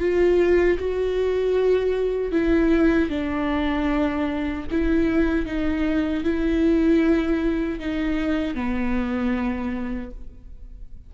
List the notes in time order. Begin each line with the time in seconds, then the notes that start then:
0.00 F4
0.79 F#4
2.32 E4
3.10 D4
4.71 E4
5.46 D#4
6.24 E4
7.79 D#4
8.55 B3